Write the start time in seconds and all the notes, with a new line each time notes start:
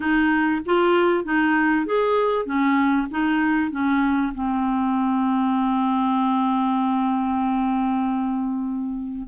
0.00 D#4
0.65 F4
1.24 D#4
1.86 G#4
2.45 C#4
3.10 D#4
3.71 C#4
4.34 C4